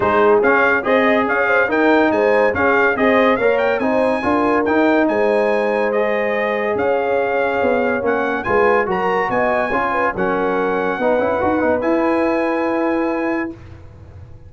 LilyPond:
<<
  \new Staff \with { instrumentName = "trumpet" } { \time 4/4 \tempo 4 = 142 c''4 f''4 dis''4 f''4 | g''4 gis''4 f''4 dis''4 | f''8 g''8 gis''2 g''4 | gis''2 dis''2 |
f''2. fis''4 | gis''4 ais''4 gis''2 | fis''1 | gis''1 | }
  \new Staff \with { instrumentName = "horn" } { \time 4/4 gis'2 c''8 dis''8 cis''8 c''8 | ais'4 c''4 gis'4 c''4 | cis''4 c''4 ais'2 | c''1 |
cis''1 | b'4 ais'4 dis''4 cis''8 b'8 | ais'2 b'2~ | b'1 | }
  \new Staff \with { instrumentName = "trombone" } { \time 4/4 dis'4 cis'4 gis'2 | dis'2 cis'4 gis'4 | ais'4 dis'4 f'4 dis'4~ | dis'2 gis'2~ |
gis'2. cis'4 | f'4 fis'2 f'4 | cis'2 dis'8 e'8 fis'8 dis'8 | e'1 | }
  \new Staff \with { instrumentName = "tuba" } { \time 4/4 gis4 cis'4 c'4 cis'4 | dis'4 gis4 cis'4 c'4 | ais4 c'4 d'4 dis'4 | gis1 |
cis'2 b4 ais4 | gis4 fis4 b4 cis'4 | fis2 b8 cis'8 dis'8 b8 | e'1 | }
>>